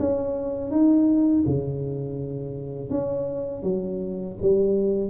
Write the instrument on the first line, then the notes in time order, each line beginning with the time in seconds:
tuba
0.00 C#4
0.71 D#4
1.47 C#3
2.90 C#4
3.63 F#3
4.42 G3